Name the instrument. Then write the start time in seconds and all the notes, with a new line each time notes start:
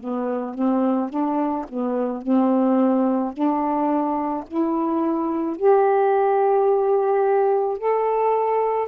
saxophone
0.00 B3
0.55 C4
1.10 D4
1.69 B3
2.22 C4
3.33 D4
4.48 E4
5.57 G4
7.78 A4